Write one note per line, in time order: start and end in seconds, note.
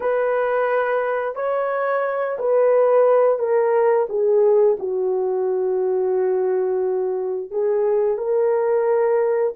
0.00 1.35 B4
1.35 2.37 C#5
2.38 3.38 B4
3.38 4.06 A#4
4.09 4.77 G#4
4.79 7.51 F#4
7.51 8.17 G#4
8.17 9.53 A#4